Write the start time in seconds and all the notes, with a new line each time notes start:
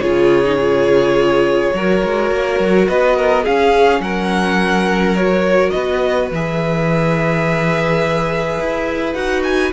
0.00 C#3 F4 G#4 C#5
0.44 D#4
0.60 F4
1.74 F#3 F#4 A#4
2.04 G#3
2.31 A#3
2.59 F#3
2.88 B3 B4 D#5
3.16 A#4
3.44 C#4 G#4 F5
4.00 F#3 A#4 F#5
5.16 F#4 C#5
5.70 B3 B4 D#5
6.31 E3 G#4 E5
8.60 E4
9.14 D#4 F#4 F#5
9.44 G#5